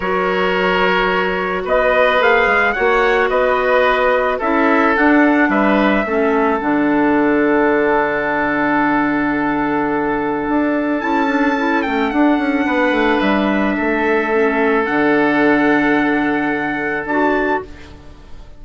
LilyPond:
<<
  \new Staff \with { instrumentName = "trumpet" } { \time 4/4 \tempo 4 = 109 cis''2. dis''4 | f''4 fis''4 dis''2 | e''4 fis''4 e''2 | fis''1~ |
fis''1 | a''4. g''8 fis''2 | e''2. fis''4~ | fis''2. a''4 | }
  \new Staff \with { instrumentName = "oboe" } { \time 4/4 ais'2. b'4~ | b'4 cis''4 b'2 | a'2 b'4 a'4~ | a'1~ |
a'1~ | a'2. b'4~ | b'4 a'2.~ | a'1 | }
  \new Staff \with { instrumentName = "clarinet" } { \time 4/4 fis'1 | gis'4 fis'2. | e'4 d'2 cis'4 | d'1~ |
d'1 | e'8 d'8 e'8 cis'8 d'2~ | d'2 cis'4 d'4~ | d'2. fis'4 | }
  \new Staff \with { instrumentName = "bassoon" } { \time 4/4 fis2. b4 | ais8 gis8 ais4 b2 | cis'4 d'4 g4 a4 | d1~ |
d2. d'4 | cis'4. a8 d'8 cis'8 b8 a8 | g4 a2 d4~ | d2. d'4 | }
>>